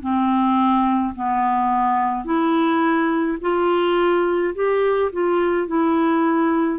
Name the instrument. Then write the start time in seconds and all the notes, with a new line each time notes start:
clarinet
0.00 C4
1.14 B3
2.24 E4
3.41 F4
4.54 G4
5.12 F4
5.67 E4